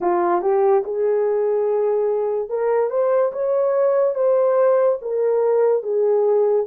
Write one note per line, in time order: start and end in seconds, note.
0.00 0.41 F4
0.41 0.83 G4
0.84 2.49 G#4
2.49 2.90 A#4
2.90 3.31 C5
3.32 4.14 C#5
4.14 4.98 C5
5.02 5.82 A#4
5.82 6.66 G#4